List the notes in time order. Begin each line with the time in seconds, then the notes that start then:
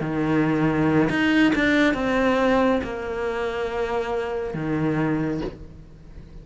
0.00 D#3
1.09 D#4
1.55 D4
1.94 C4
2.83 A#3
4.53 D#3